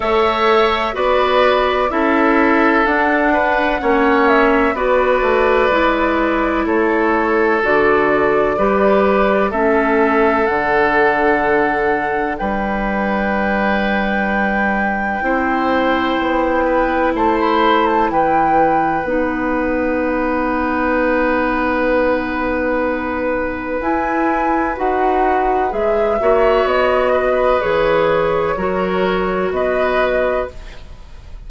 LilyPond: <<
  \new Staff \with { instrumentName = "flute" } { \time 4/4 \tempo 4 = 63 e''4 d''4 e''4 fis''4~ | fis''8 e''8 d''2 cis''4 | d''2 e''4 fis''4~ | fis''4 g''2.~ |
g''2 a''16 b''8 a''16 g''4 | fis''1~ | fis''4 gis''4 fis''4 e''4 | dis''4 cis''2 dis''4 | }
  \new Staff \with { instrumentName = "oboe" } { \time 4/4 cis''4 b'4 a'4. b'8 | cis''4 b'2 a'4~ | a'4 b'4 a'2~ | a'4 b'2. |
c''4. b'8 c''4 b'4~ | b'1~ | b'2.~ b'8 cis''8~ | cis''8 b'4. ais'4 b'4 | }
  \new Staff \with { instrumentName = "clarinet" } { \time 4/4 a'4 fis'4 e'4 d'4 | cis'4 fis'4 e'2 | fis'4 g'4 cis'4 d'4~ | d'1 |
e'1 | dis'1~ | dis'4 e'4 fis'4 gis'8 fis'8~ | fis'4 gis'4 fis'2 | }
  \new Staff \with { instrumentName = "bassoon" } { \time 4/4 a4 b4 cis'4 d'4 | ais4 b8 a8 gis4 a4 | d4 g4 a4 d4~ | d4 g2. |
c'4 b4 a4 e4 | b1~ | b4 e'4 dis'4 gis8 ais8 | b4 e4 fis4 b4 | }
>>